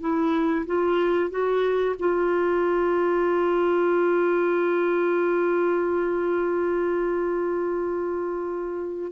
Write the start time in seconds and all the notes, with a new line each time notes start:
0.00 E4
0.66 F4
1.30 F#4
1.99 F4